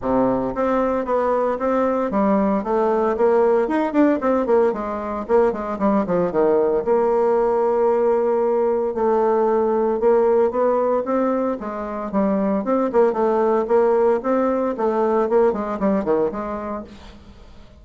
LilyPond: \new Staff \with { instrumentName = "bassoon" } { \time 4/4 \tempo 4 = 114 c4 c'4 b4 c'4 | g4 a4 ais4 dis'8 d'8 | c'8 ais8 gis4 ais8 gis8 g8 f8 | dis4 ais2.~ |
ais4 a2 ais4 | b4 c'4 gis4 g4 | c'8 ais8 a4 ais4 c'4 | a4 ais8 gis8 g8 dis8 gis4 | }